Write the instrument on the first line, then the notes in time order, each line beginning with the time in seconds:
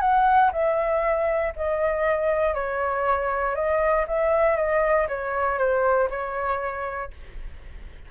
flute
0.00 F#5
0.52 E5
1.56 D#5
2.54 C#5
3.55 D#5
4.07 E5
4.56 D#5
5.08 C#5
5.58 C5
6.10 C#5